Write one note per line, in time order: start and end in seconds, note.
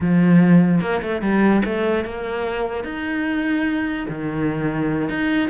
0.00 0.80 F3
0.80 1.01 A#3
1.02 1.21 A3
1.21 1.62 G3
1.64 2.04 A3
2.04 2.84 A#3
2.84 4.06 D#4
4.08 5.09 D#3
5.09 5.49 D#4